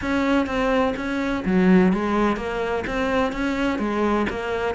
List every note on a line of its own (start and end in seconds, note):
0.01 0.46 C#4
0.46 0.94 C4
0.96 1.44 C#4
1.45 1.92 F#3
1.92 2.36 G#3
2.36 2.84 A#3
2.86 3.32 C4
3.32 3.79 C#4
3.79 4.26 G#3
4.29 4.74 A#3